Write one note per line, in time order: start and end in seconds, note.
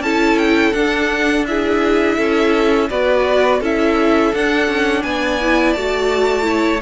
0.00 0.71 C#4
0.00 0.74 E4
0.00 1.47 A4
0.00 0.38 A5
0.38 0.73 G5
0.73 1.45 D4
0.73 2.18 D4
0.73 1.44 F#5
1.47 2.90 E4
1.47 2.17 G#4
1.47 2.89 E5
2.17 2.90 C#4
2.17 2.89 A4
2.90 3.61 B3
2.90 3.62 F#4
2.90 3.60 B4
2.90 3.61 D5
3.60 4.32 C#4
3.60 4.33 E4
3.60 5.03 A4
3.60 4.34 E5
4.33 5.40 D4
4.33 4.68 D4
4.33 5.03 F#5
4.68 5.03 C#4
5.03 5.75 B3
5.03 6.47 D5
5.03 5.73 G#5
5.41 5.76 E4
5.73 6.82 A3
5.73 6.42 F#4
5.73 6.80 A5
6.42 6.78 E4
6.42 6.82 C#5